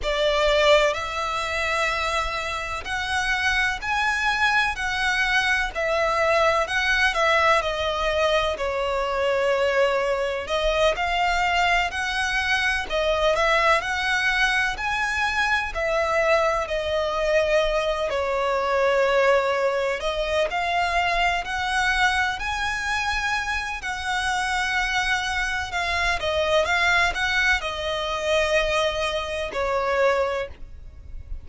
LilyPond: \new Staff \with { instrumentName = "violin" } { \time 4/4 \tempo 4 = 63 d''4 e''2 fis''4 | gis''4 fis''4 e''4 fis''8 e''8 | dis''4 cis''2 dis''8 f''8~ | f''8 fis''4 dis''8 e''8 fis''4 gis''8~ |
gis''8 e''4 dis''4. cis''4~ | cis''4 dis''8 f''4 fis''4 gis''8~ | gis''4 fis''2 f''8 dis''8 | f''8 fis''8 dis''2 cis''4 | }